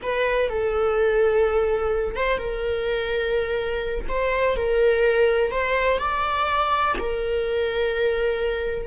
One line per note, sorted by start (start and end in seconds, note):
0.02 0.49 B4
0.49 2.16 A4
2.16 2.38 C5
2.38 4.06 A#4
4.08 4.56 C5
4.56 5.51 A#4
5.51 5.98 C5
5.98 6.94 D5
6.98 8.86 A#4